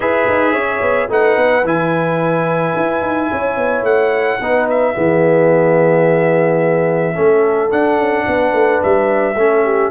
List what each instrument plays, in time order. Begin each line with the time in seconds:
0.00 tuba E4, trombone G#4, horn B4, trumpet E5
0.28 tuba D#4
0.52 tuba C#4, horn C#5
0.81 tuba B3
1.09 tuba A3, trombone D#4, horn B4, trumpet F#5
1.36 tuba B3
1.63 tuba E3, trombone E4, trumpet G#5
2.76 tuba E4
3.01 tuba D#4
3.32 tuba C#4, horn C#5
3.56 tuba B3
3.82 tuba A3, trumpet F#5
4.39 tuba B3, trombone D#4, horn B4
4.69 trumpet E5
4.94 tuba E3, trombone B3, horn G#4
7.14 tuba A3, trombone C#4, horn A4
7.69 trombone D4, tuba D4, trumpet F#5
7.98 tuba C#4
8.25 tuba B3, horn B4
8.53 tuba A3
8.82 tuba G3, trumpet E5
9.35 tuba A3, trombone C#4, horn A4
9.64 horn G4